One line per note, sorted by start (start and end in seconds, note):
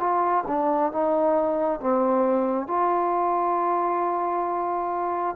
0.00 0.45 F4
0.48 0.92 D4
0.92 1.80 D#4
1.80 2.67 C4
2.67 5.36 F4